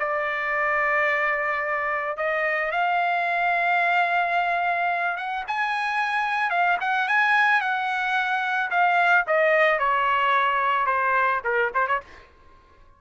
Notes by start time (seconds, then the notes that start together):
0.00 D5
2.17 D#5
2.72 F5
5.17 F#5
5.48 G#5
6.51 F5
6.81 F#5
7.09 G#5
7.61 F#5
8.71 F5
9.27 D#5
9.79 C#5
10.87 C5
11.44 A#4
11.75 C5
11.88 C#5